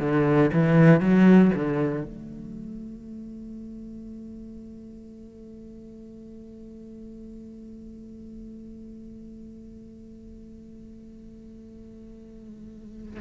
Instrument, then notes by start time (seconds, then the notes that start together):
cello
0.00 D3
0.53 E3
1.00 F#3
1.55 D3
2.04 A3